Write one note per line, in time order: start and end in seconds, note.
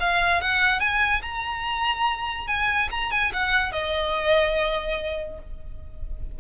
0.00 0.41 F5
0.41 0.80 F#5
0.80 1.22 G#5
1.22 2.47 A#5
2.48 2.89 G#5
2.91 3.12 A#5
3.12 3.32 G#5
3.33 3.72 F#5
3.72 5.39 D#5